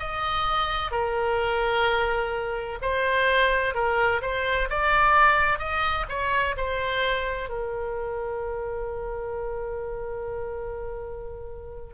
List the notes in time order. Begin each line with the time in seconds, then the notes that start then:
0.00 D#5
0.92 A#4
2.82 C5
3.75 A#4
4.22 C5
4.70 D5
5.60 D#5
6.09 C#5
6.58 C5
7.50 A#4